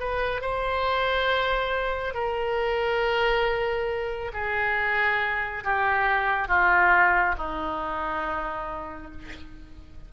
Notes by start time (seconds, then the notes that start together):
0.00 B4
0.42 C5
2.15 A#4
4.34 G#4
5.64 G4
6.49 F4
7.38 D#4